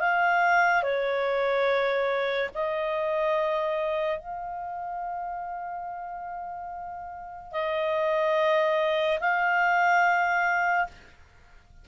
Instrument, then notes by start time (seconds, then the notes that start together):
clarinet
0.00 F5
0.83 C#5
2.55 D#5
4.19 F5
7.52 D#5
9.20 F5